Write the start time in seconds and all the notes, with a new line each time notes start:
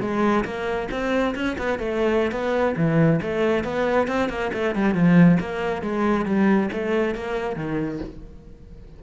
0.00 G#3
0.44 A#3
0.91 C4
1.35 C#4
1.57 B3
1.78 A3
2.31 B3
2.76 E3
3.22 A3
3.64 B3
4.07 C4
4.29 A#3
4.53 A3
4.75 G3
4.94 F3
5.40 A#3
5.81 G#3
6.25 G3
6.72 A3
7.14 A#3
7.56 D#3